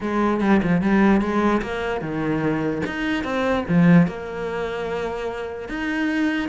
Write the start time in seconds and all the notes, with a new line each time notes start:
0.00 G#3
0.41 G3
0.62 F3
0.81 G3
1.21 G#3
1.61 A#3
2.01 D#3
2.86 D#4
3.24 C4
3.68 F3
4.07 A#3
5.68 D#4